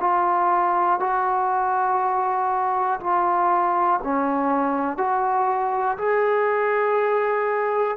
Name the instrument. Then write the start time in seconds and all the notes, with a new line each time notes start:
trombone
0.00 F4
1.00 F#4
3.00 F4
4.04 C#4
4.97 F#4
5.98 G#4